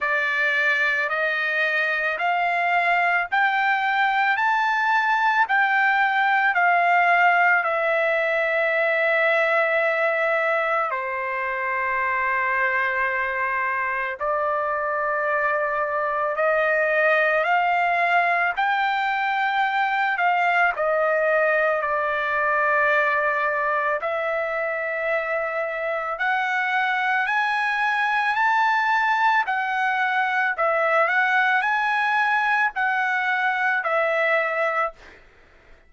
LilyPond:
\new Staff \with { instrumentName = "trumpet" } { \time 4/4 \tempo 4 = 55 d''4 dis''4 f''4 g''4 | a''4 g''4 f''4 e''4~ | e''2 c''2~ | c''4 d''2 dis''4 |
f''4 g''4. f''8 dis''4 | d''2 e''2 | fis''4 gis''4 a''4 fis''4 | e''8 fis''8 gis''4 fis''4 e''4 | }